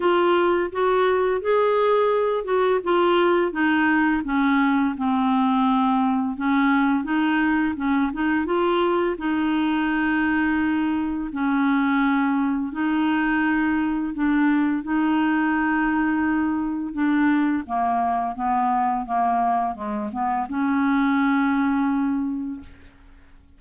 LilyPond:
\new Staff \with { instrumentName = "clarinet" } { \time 4/4 \tempo 4 = 85 f'4 fis'4 gis'4. fis'8 | f'4 dis'4 cis'4 c'4~ | c'4 cis'4 dis'4 cis'8 dis'8 | f'4 dis'2. |
cis'2 dis'2 | d'4 dis'2. | d'4 ais4 b4 ais4 | gis8 b8 cis'2. | }